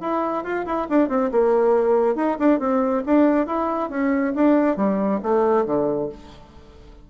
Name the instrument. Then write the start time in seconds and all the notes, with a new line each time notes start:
bassoon
0.00 E4
0.44 F4
0.65 E4
0.89 D4
1.08 C4
1.31 A#3
2.15 D#4
2.39 D4
2.59 C4
3.06 D4
3.46 E4
3.90 C#4
4.35 D4
4.76 G3
5.23 A3
5.65 D3